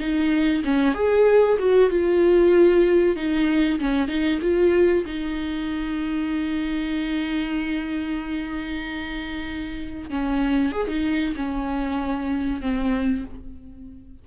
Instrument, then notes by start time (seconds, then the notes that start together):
viola
0.00 D#4
0.65 C#4
0.94 G#4
1.59 F#4
1.90 F4
3.16 D#4
3.80 C#4
4.08 D#4
4.42 F4
5.06 D#4
10.10 C#4
10.72 G#4
10.88 D#4
11.36 C#4
12.61 C4